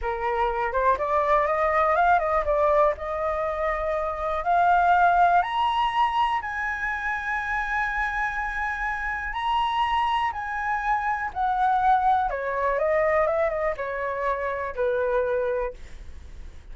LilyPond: \new Staff \with { instrumentName = "flute" } { \time 4/4 \tempo 4 = 122 ais'4. c''8 d''4 dis''4 | f''8 dis''8 d''4 dis''2~ | dis''4 f''2 ais''4~ | ais''4 gis''2.~ |
gis''2. ais''4~ | ais''4 gis''2 fis''4~ | fis''4 cis''4 dis''4 e''8 dis''8 | cis''2 b'2 | }